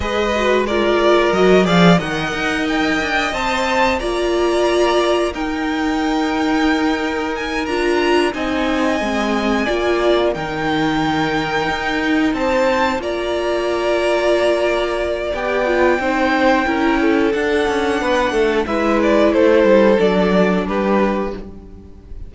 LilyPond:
<<
  \new Staff \with { instrumentName = "violin" } { \time 4/4 \tempo 4 = 90 dis''4 d''4 dis''8 f''8 fis''4 | g''4 a''4 ais''2 | g''2. gis''8 ais''8~ | ais''8 gis''2. g''8~ |
g''2~ g''8 a''4 ais''8~ | ais''2. g''4~ | g''2 fis''2 | e''8 d''8 c''4 d''4 b'4 | }
  \new Staff \with { instrumentName = "violin" } { \time 4/4 b'4 ais'4. d''8 dis''4~ | dis''2 d''2 | ais'1~ | ais'8 dis''2 d''4 ais'8~ |
ais'2~ ais'8 c''4 d''8~ | d''1 | c''4 ais'8 a'4. b'8 a'8 | b'4 a'2 g'4 | }
  \new Staff \with { instrumentName = "viola" } { \time 4/4 gis'8 fis'8 f'4 fis'8 gis'8 ais'4~ | ais'4 c''4 f'2 | dis'2.~ dis'8 f'8~ | f'8 dis'4 c'4 f'4 dis'8~ |
dis'2.~ dis'8 f'8~ | f'2. g'8 f'8 | dis'4 e'4 d'2 | e'2 d'2 | }
  \new Staff \with { instrumentName = "cello" } { \time 4/4 gis2 fis8 f8 dis8 dis'8~ | dis'8 d'8 c'4 ais2 | dis'2.~ dis'8 d'8~ | d'8 c'4 gis4 ais4 dis8~ |
dis4. dis'4 c'4 ais8~ | ais2. b4 | c'4 cis'4 d'8 cis'8 b8 a8 | gis4 a8 g8 fis4 g4 | }
>>